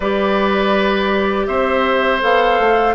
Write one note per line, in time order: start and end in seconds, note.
0.00 1.47 G3
0.00 2.20 G4
0.00 1.46 B4
0.00 1.46 D5
1.46 2.21 C4
1.46 2.94 C5
1.46 2.21 E5
2.20 2.59 B3
2.20 2.94 A4
2.20 2.94 F5
2.59 2.94 A3